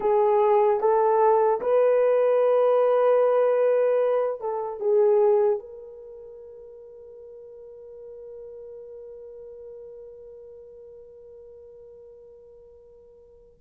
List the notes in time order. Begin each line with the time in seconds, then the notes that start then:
0.00 G#4
0.80 A4
1.60 B4
4.40 A4
4.80 G#4
5.59 A#4